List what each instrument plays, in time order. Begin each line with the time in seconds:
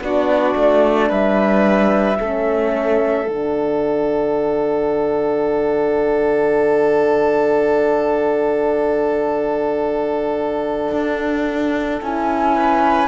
0.00 cello B3, horn D4, violin F#4, flute D5
0.56 cello A3
1.09 cello G3, violin B4, flute E5
2.19 cello A3, horn C#4, violin A4
3.28 cello D3, horn D4, flute F#5
10.92 cello D4
12.01 cello C#4, horn E4, flute G#5
12.55 violin B4